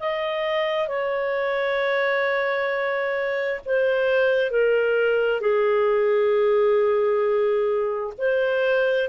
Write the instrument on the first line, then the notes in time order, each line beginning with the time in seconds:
clarinet
0.00 D#5
0.88 C#5
3.66 C5
4.51 A#4
5.41 G#4
8.18 C5